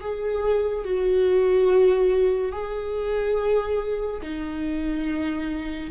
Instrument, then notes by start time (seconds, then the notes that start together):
viola
0.00 G#4
0.84 F#4
2.52 G#4
4.22 D#4